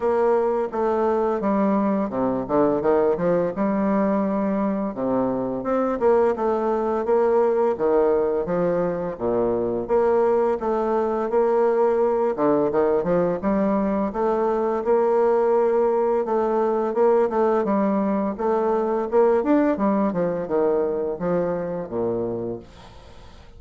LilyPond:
\new Staff \with { instrumentName = "bassoon" } { \time 4/4 \tempo 4 = 85 ais4 a4 g4 c8 d8 | dis8 f8 g2 c4 | c'8 ais8 a4 ais4 dis4 | f4 ais,4 ais4 a4 |
ais4. d8 dis8 f8 g4 | a4 ais2 a4 | ais8 a8 g4 a4 ais8 d'8 | g8 f8 dis4 f4 ais,4 | }